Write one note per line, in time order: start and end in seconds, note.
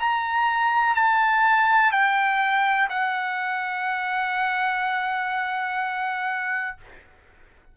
0.00 0.95 A#5
0.95 1.92 A5
1.92 2.89 G5
2.89 6.77 F#5